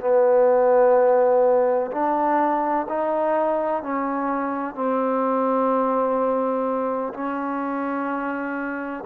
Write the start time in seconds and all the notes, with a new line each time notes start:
0.00 B3
1.91 D4
2.89 D#4
3.82 C#4
4.74 C4
7.13 C#4